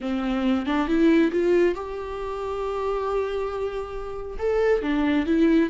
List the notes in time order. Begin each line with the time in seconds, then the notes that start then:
0.00 C4
0.66 D4
0.87 E4
1.31 F4
1.75 G4
4.38 A4
4.82 D4
5.26 E4